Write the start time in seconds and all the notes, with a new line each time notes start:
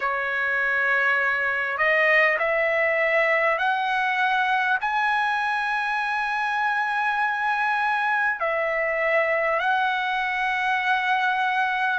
0.00 C#5
1.77 D#5
2.38 E5
3.58 F#5
4.81 G#5
8.39 E5
9.59 F#5